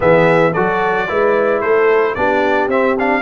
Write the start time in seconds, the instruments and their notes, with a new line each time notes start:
0.00 tuba E3, trombone B3, horn G#4, trumpet E5
0.52 tuba F#3, trombone F#4, horn A4, trumpet D5
1.08 tuba G#3, trombone E4, horn B4
1.61 tuba A3, horn A4, trumpet C5
2.15 tuba B3, trombone D4, horn G4, trumpet D5
2.67 tuba C4, trombone C4, trumpet E5
2.98 trombone D4, trumpet F5